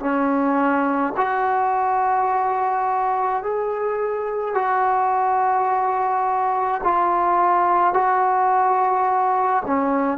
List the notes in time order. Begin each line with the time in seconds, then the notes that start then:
0.00 C#4
1.17 F#4
3.43 G#4
4.54 F#4
6.84 F4
7.93 F#4
9.66 C#4